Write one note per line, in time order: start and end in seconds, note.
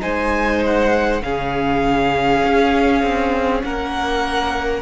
0.00 1.22 G#3
0.00 1.20 D#4
0.00 1.22 C5
0.00 0.62 G#5
0.66 1.23 F#5
1.22 2.42 C#3
1.22 4.82 C#4
1.22 3.64 G#4
1.22 3.62 F5
2.44 3.02 C#4
3.02 3.62 C4
3.62 4.82 A#3
3.62 4.82 A#4
3.62 4.82 F#5